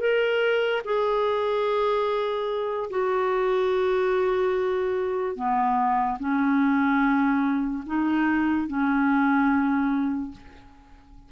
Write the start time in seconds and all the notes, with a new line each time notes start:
0.00 A#4
0.84 G#4
2.90 F#4
5.36 B3
6.19 C#4
7.86 D#4
8.67 C#4